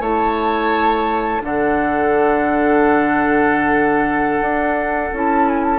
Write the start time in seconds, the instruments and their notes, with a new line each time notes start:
0.00 bassoon A3, clarinet E4, oboe C#5, flute A5
1.42 bassoon D3, clarinet D4, oboe A4, flute F#5
4.41 bassoon D4
5.13 bassoon C#4, clarinet E4, flute A5
5.48 flute G#5
5.64 flute A5